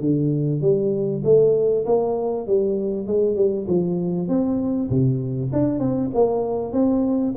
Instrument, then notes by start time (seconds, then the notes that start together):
tuba
0.00 D3
0.61 G3
1.24 A3
1.86 A#3
2.47 G3
3.06 G#3
3.36 G3
3.67 F3
4.28 C4
4.89 C3
5.52 D4
5.79 C4
6.14 A#3
6.72 C4